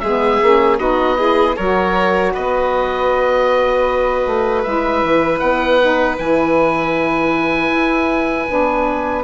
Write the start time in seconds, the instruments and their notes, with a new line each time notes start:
0.00 bassoon G#3, saxophone B3, violin G#4, oboe E5
0.42 bassoon A#3, saxophone C#4
0.78 bassoon B3, saxophone D#4, violin F#4, oboe D#5
1.17 saxophone E4, violin G#4
1.56 bassoon F#3, saxophone F#4, violin A#4, oboe C#5
2.33 bassoon B3, violin B4, oboe D#5
4.26 bassoon A3
4.63 bassoon G#3, saxophone E4, oboe E5
5.03 bassoon E3
5.39 bassoon B3, oboe F#5
5.80 saxophone D#4
6.18 bassoon E3, saxophone E4, oboe G#5
7.71 bassoon E4
8.47 bassoon B3, saxophone D4